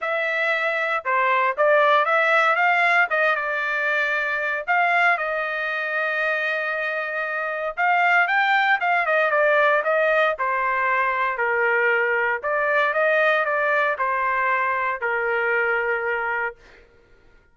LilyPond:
\new Staff \with { instrumentName = "trumpet" } { \time 4/4 \tempo 4 = 116 e''2 c''4 d''4 | e''4 f''4 dis''8 d''4.~ | d''4 f''4 dis''2~ | dis''2. f''4 |
g''4 f''8 dis''8 d''4 dis''4 | c''2 ais'2 | d''4 dis''4 d''4 c''4~ | c''4 ais'2. | }